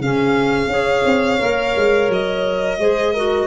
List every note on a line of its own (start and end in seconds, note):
0.00 0.67 C#3
0.00 0.71 C#4
0.00 0.73 G#4
0.00 2.11 F5
0.67 1.02 C#4
0.67 1.39 G#4
0.67 2.81 C#5
1.05 1.40 C4
1.39 1.76 A#3
1.39 2.79 A#4
1.77 2.09 G#3
2.09 2.79 F#3
2.09 3.47 D#5
2.79 3.47 G#3
2.79 3.15 G#4
2.79 3.14 C5
3.14 3.47 F#4
3.14 3.47 A#4